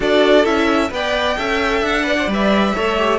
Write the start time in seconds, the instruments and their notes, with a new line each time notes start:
0.00 cello D4, viola F#4, violin A4 D5
0.44 cello C#4, viola E4, violin E5
0.90 cello B3, viola B4, violin D5 G5
1.37 cello C#4, viola A4, violin E5
1.81 cello D4, violin F#5
2.03 viola B4, violin D5
2.18 viola C5
2.27 cello G3, viola B4
2.33 violin E5
2.74 cello A3, viola A4, violin C#5
2.97 viola G4